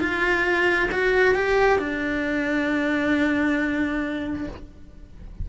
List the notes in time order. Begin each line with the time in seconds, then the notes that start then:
0.00 F4
0.92 F#4
1.35 G4
1.79 D4